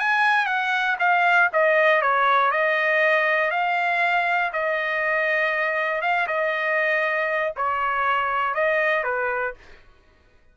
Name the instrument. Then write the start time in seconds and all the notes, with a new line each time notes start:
trumpet
0.00 G#5
0.47 F#5
1.00 F5
1.53 D#5
2.02 C#5
2.52 D#5
3.51 F5
4.53 D#5
6.02 F5
6.28 D#5
7.57 C#5
8.55 D#5
9.04 B4